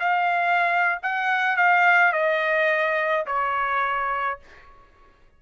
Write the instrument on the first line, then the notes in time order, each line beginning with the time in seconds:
trumpet
0.00 F5
1.03 F#5
1.57 F5
2.13 D#5
3.26 C#5